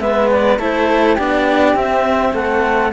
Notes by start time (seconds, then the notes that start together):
0.00 G#3 B3 B4 E5
0.31 D5
0.59 A3 E4 A4 C5
1.15 B3 D4 G4 D5
1.73 C4 E5
2.33 A3 A4 F#5